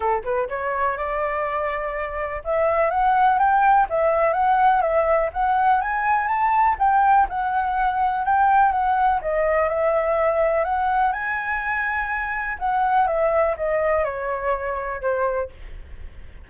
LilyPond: \new Staff \with { instrumentName = "flute" } { \time 4/4 \tempo 4 = 124 a'8 b'8 cis''4 d''2~ | d''4 e''4 fis''4 g''4 | e''4 fis''4 e''4 fis''4 | gis''4 a''4 g''4 fis''4~ |
fis''4 g''4 fis''4 dis''4 | e''2 fis''4 gis''4~ | gis''2 fis''4 e''4 | dis''4 cis''2 c''4 | }